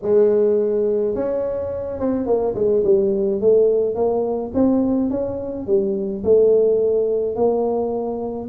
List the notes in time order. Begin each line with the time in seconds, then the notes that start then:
0.02 G#3
1.14 C#4
1.99 C4
2.26 A#3
2.54 G#3
2.84 G3
3.40 A3
3.95 A#3
4.54 C4
5.10 C#4
5.66 G3
6.24 A3
7.35 A#3